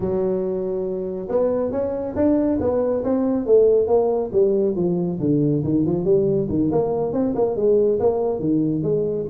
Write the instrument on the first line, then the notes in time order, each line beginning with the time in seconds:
tuba
0.00 F#3
1.28 B3
1.71 C#4
2.15 D4
2.60 B3
3.04 C4
3.46 A3
3.87 A#3
4.32 G3
4.75 F3
5.20 D3
5.63 D#3
5.85 F3
6.04 G3
6.49 D#3
6.71 A#3
7.12 C4
7.35 A#3
7.56 G#3
7.99 A#3
8.39 D#3
8.82 G#3